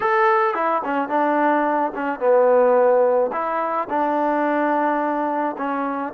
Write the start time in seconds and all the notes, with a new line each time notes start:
0.00 A4
0.54 E4
0.84 C#4
1.08 D4
1.94 C#4
2.19 B3
3.32 E4
3.89 D4
5.57 C#4